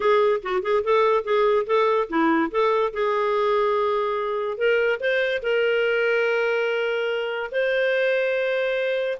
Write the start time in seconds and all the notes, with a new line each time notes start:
0.00 G#4
0.43 F#4
0.62 G#4
0.84 A4
1.24 G#4
1.66 A4
2.09 E4
2.51 A4
2.93 G#4
4.57 A#4
5.00 C5
5.42 A#4
7.51 C5